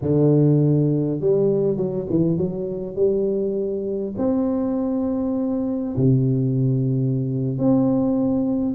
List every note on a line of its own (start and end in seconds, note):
0.01 1.20 D3
1.20 1.77 G3
1.77 2.06 F#3
2.09 2.37 E3
2.37 2.95 F#3
2.95 4.14 G3
4.17 5.95 C4
5.96 7.58 C3
7.58 8.75 C4